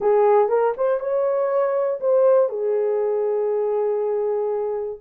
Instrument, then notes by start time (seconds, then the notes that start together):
horn
0.00 G#4
0.48 A#4
0.77 C5
1.00 C#5
2.00 C5
2.49 G#4